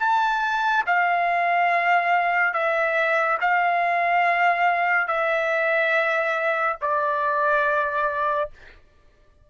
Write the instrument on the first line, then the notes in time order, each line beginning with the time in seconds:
trumpet
0.00 A5
0.87 F5
2.54 E5
3.41 F5
5.08 E5
6.81 D5